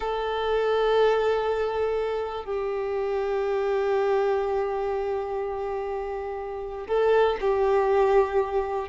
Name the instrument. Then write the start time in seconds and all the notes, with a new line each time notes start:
violin
0.00 A4
2.44 G4
6.87 A4
7.40 G4